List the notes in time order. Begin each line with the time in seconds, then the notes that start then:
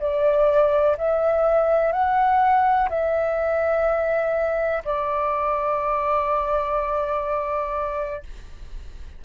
0.00 D5
0.98 E5
1.93 F#5
2.90 E5
4.85 D5